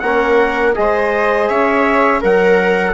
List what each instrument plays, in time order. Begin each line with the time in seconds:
0.00 bassoon A#3, trombone C#4, viola A#4, trumpet F#5
0.75 bassoon G#3, trombone G#4, viola C5, trumpet D#5
1.48 bassoon C#4, viola C#5, trumpet E5
2.21 bassoon F#3, viola A#4, trombone A#4, trumpet F#5